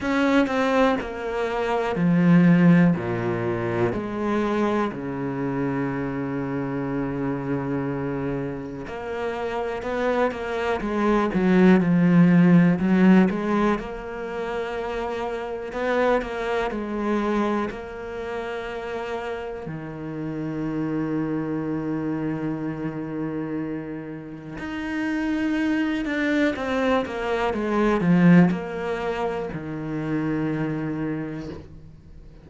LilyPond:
\new Staff \with { instrumentName = "cello" } { \time 4/4 \tempo 4 = 61 cis'8 c'8 ais4 f4 ais,4 | gis4 cis2.~ | cis4 ais4 b8 ais8 gis8 fis8 | f4 fis8 gis8 ais2 |
b8 ais8 gis4 ais2 | dis1~ | dis4 dis'4. d'8 c'8 ais8 | gis8 f8 ais4 dis2 | }